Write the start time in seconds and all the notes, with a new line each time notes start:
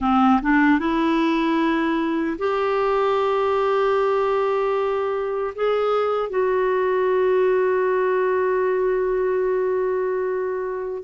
0.00 C4
0.42 D4
0.79 E4
2.38 G4
5.55 G#4
6.29 F#4